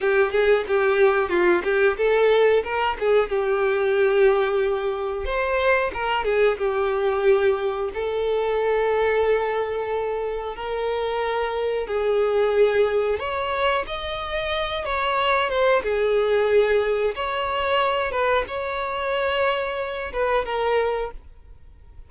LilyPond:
\new Staff \with { instrumentName = "violin" } { \time 4/4 \tempo 4 = 91 g'8 gis'8 g'4 f'8 g'8 a'4 | ais'8 gis'8 g'2. | c''4 ais'8 gis'8 g'2 | a'1 |
ais'2 gis'2 | cis''4 dis''4. cis''4 c''8 | gis'2 cis''4. b'8 | cis''2~ cis''8 b'8 ais'4 | }